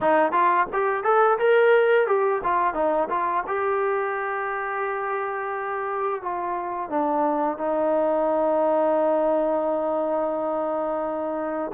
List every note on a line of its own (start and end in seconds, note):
0.00 0.32 D#4
0.32 0.66 F4
0.72 1.03 G4
1.03 1.38 A4
1.38 2.07 A#4
2.07 2.41 G4
2.43 2.74 F4
2.74 3.08 D#4
3.09 3.44 F4
3.47 6.21 G4
6.21 6.89 F4
6.89 7.57 D4
7.57 11.71 D#4